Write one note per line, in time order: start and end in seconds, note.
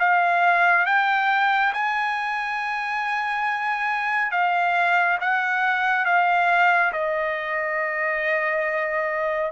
0.00 0.87 F5
0.87 1.74 G5
1.74 4.32 G#5
4.32 5.19 F5
5.21 6.06 F#5
6.06 6.93 F5
6.93 9.52 D#5